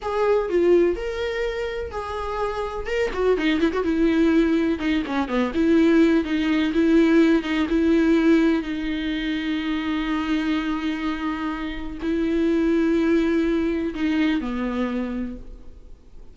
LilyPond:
\new Staff \with { instrumentName = "viola" } { \time 4/4 \tempo 4 = 125 gis'4 f'4 ais'2 | gis'2 ais'8 fis'8 dis'8 e'16 fis'16 | e'2 dis'8 cis'8 b8 e'8~ | e'4 dis'4 e'4. dis'8 |
e'2 dis'2~ | dis'1~ | dis'4 e'2.~ | e'4 dis'4 b2 | }